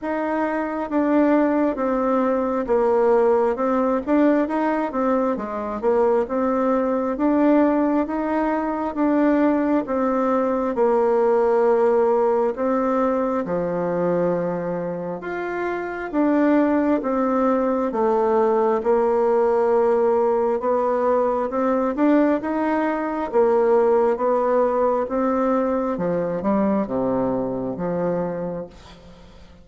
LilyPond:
\new Staff \with { instrumentName = "bassoon" } { \time 4/4 \tempo 4 = 67 dis'4 d'4 c'4 ais4 | c'8 d'8 dis'8 c'8 gis8 ais8 c'4 | d'4 dis'4 d'4 c'4 | ais2 c'4 f4~ |
f4 f'4 d'4 c'4 | a4 ais2 b4 | c'8 d'8 dis'4 ais4 b4 | c'4 f8 g8 c4 f4 | }